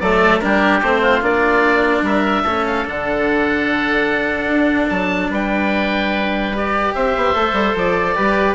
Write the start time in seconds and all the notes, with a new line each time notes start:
0.00 F#3 A3 A4 D5
0.39 G3 D4 G4 A#4
0.82 A3 C4 C5
1.02 F4
1.22 A#3 D4 D5
2.02 G3 A#4 E5
2.42 A3 C#4 A4
2.67 F5
2.85 D3 D4 F#5
4.46 D4
4.89 F#3 A5
5.30 G3 B4 G5
6.53 G4 D5
6.94 C4 C5 E5
7.16 B3
7.34 A3 A4
7.53 G3
7.75 F3 D5
8.15 G3 G4 B4